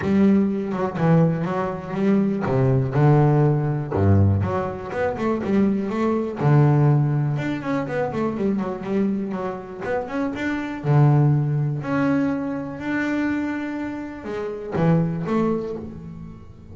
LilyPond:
\new Staff \with { instrumentName = "double bass" } { \time 4/4 \tempo 4 = 122 g4. fis8 e4 fis4 | g4 c4 d2 | g,4 fis4 b8 a8 g4 | a4 d2 d'8 cis'8 |
b8 a8 g8 fis8 g4 fis4 | b8 cis'8 d'4 d2 | cis'2 d'2~ | d'4 gis4 e4 a4 | }